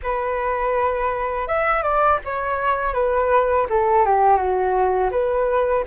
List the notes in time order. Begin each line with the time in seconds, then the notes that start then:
0.02 B4
1.47 E5
1.82 D5
2.24 C#5
2.93 B4
3.69 A4
4.05 G4
4.36 F#4
5.11 B4